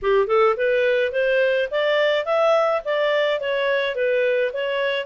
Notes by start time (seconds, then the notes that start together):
0.02 G4
0.27 A4
0.56 B4
1.12 C5
1.70 D5
2.25 E5
2.85 D5
3.40 C#5
3.95 B4
4.53 C#5